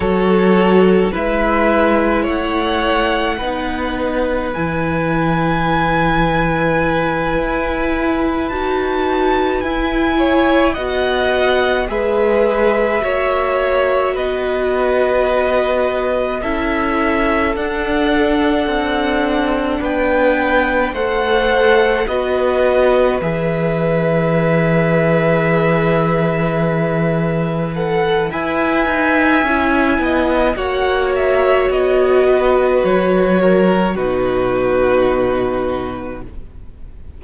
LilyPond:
<<
  \new Staff \with { instrumentName = "violin" } { \time 4/4 \tempo 4 = 53 cis''4 e''4 fis''2 | gis''2.~ gis''8 a''8~ | a''8 gis''4 fis''4 e''4.~ | e''8 dis''2 e''4 fis''8~ |
fis''4. g''4 fis''4 dis''8~ | dis''8 e''2.~ e''8~ | e''8 fis''8 gis''2 fis''8 e''8 | dis''4 cis''4 b'2 | }
  \new Staff \with { instrumentName = "violin" } { \time 4/4 a'4 b'4 cis''4 b'4~ | b'1~ | b'4 cis''8 dis''4 b'4 cis''8~ | cis''8 b'2 a'4.~ |
a'4. b'4 c''4 b'8~ | b'1~ | b'4 e''4. dis''8 cis''4~ | cis''8 b'4 ais'8 fis'2 | }
  \new Staff \with { instrumentName = "viola" } { \time 4/4 fis'4 e'2 dis'4 | e'2.~ e'8 fis'8~ | fis'8 e'4 fis'4 gis'4 fis'8~ | fis'2~ fis'8 e'4 d'8~ |
d'2~ d'8 a'4 fis'8~ | fis'8 gis'2.~ gis'8~ | gis'8 a'8 b'4 e'4 fis'4~ | fis'2 dis'2 | }
  \new Staff \with { instrumentName = "cello" } { \time 4/4 fis4 gis4 a4 b4 | e2~ e8 e'4 dis'8~ | dis'8 e'4 b4 gis4 ais8~ | ais8 b2 cis'4 d'8~ |
d'8 c'4 b4 a4 b8~ | b8 e2.~ e8~ | e4 e'8 dis'8 cis'8 b8 ais4 | b4 fis4 b,2 | }
>>